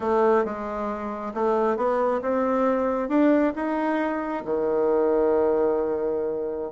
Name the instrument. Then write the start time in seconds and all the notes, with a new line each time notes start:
bassoon
0.00 A3
0.45 G#3
1.34 A3
1.76 B3
2.21 C4
3.08 D4
3.55 D#4
4.45 D#3